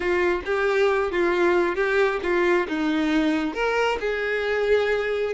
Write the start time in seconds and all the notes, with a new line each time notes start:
0.00 F4
0.45 G4
1.11 F4
1.75 G4
2.22 F4
2.68 D#4
3.54 A#4
4.00 G#4